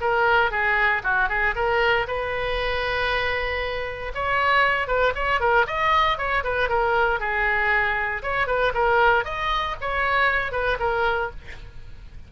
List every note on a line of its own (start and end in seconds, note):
0.00 0.51 A#4
0.51 1.02 G#4
1.03 1.29 F#4
1.29 1.54 G#4
1.55 2.06 A#4
2.07 4.12 B4
4.14 4.87 C#5
4.87 5.13 B4
5.15 5.40 C#5
5.40 5.66 A#4
5.67 6.17 D#5
6.17 6.43 C#5
6.44 6.69 B4
6.69 7.19 A#4
7.19 8.22 G#4
8.22 8.47 C#5
8.47 8.72 B4
8.74 9.24 A#4
9.24 9.76 D#5
9.80 10.52 C#5
10.52 10.77 B4
10.79 11.30 A#4